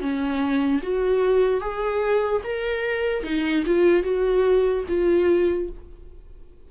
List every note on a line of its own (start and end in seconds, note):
0.00 0.81 C#4
0.82 1.60 F#4
1.60 2.41 G#4
2.43 3.23 A#4
3.23 3.63 D#4
3.66 4.03 F4
4.03 4.84 F#4
4.88 5.69 F4